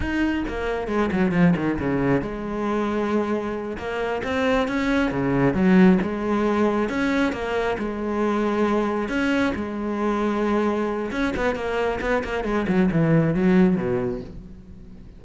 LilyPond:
\new Staff \with { instrumentName = "cello" } { \time 4/4 \tempo 4 = 135 dis'4 ais4 gis8 fis8 f8 dis8 | cis4 gis2.~ | gis8 ais4 c'4 cis'4 cis8~ | cis8 fis4 gis2 cis'8~ |
cis'8 ais4 gis2~ gis8~ | gis8 cis'4 gis2~ gis8~ | gis4 cis'8 b8 ais4 b8 ais8 | gis8 fis8 e4 fis4 b,4 | }